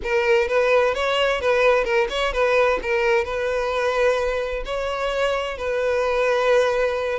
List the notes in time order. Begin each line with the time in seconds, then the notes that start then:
0.03 A#4
0.48 B4
0.94 C#5
1.40 B4
1.84 A#4
2.09 C#5
2.33 B4
2.82 A#4
3.24 B4
4.65 C#5
5.57 B4